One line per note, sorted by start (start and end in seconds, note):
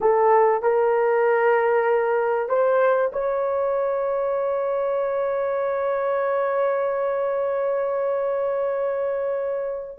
0.01 0.62 A4
0.62 2.48 A#4
2.48 3.11 C5
3.12 9.98 C#5